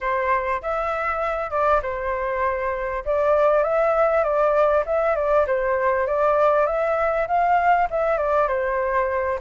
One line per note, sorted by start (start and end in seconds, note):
0.01 0.61 C5
0.61 1.50 E5
1.50 1.80 D5
1.82 3.03 C5
3.05 3.63 D5
3.63 4.23 E5
4.23 4.84 D5
4.85 5.15 E5
5.15 5.45 D5
5.47 6.06 C5
6.06 6.66 D5
6.66 7.27 E5
7.27 7.88 F5
7.90 8.17 E5
8.17 8.47 D5
8.48 9.39 C5